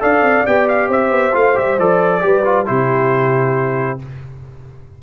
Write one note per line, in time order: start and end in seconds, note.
0.00 0.21 D4
0.00 0.44 A4
0.00 0.88 D5
0.00 0.46 F5
0.21 0.44 C4
0.46 0.89 B3
0.46 1.32 G4
0.46 0.68 G5
0.68 0.90 F5
0.88 1.10 C4
0.88 2.21 C5
0.88 1.35 E5
1.10 1.32 B3
1.32 1.57 A3
1.32 1.55 F4
1.32 1.57 F5
1.55 1.78 G3
1.55 1.77 G4
1.55 1.79 E5
1.78 2.23 F3
1.78 2.21 A4
1.78 2.66 D5
2.21 2.69 G3
2.21 2.43 G4
2.21 2.67 B4
2.45 2.65 F4
2.65 4.02 C3
2.65 3.99 E4
2.65 4.01 G4
2.65 4.00 C5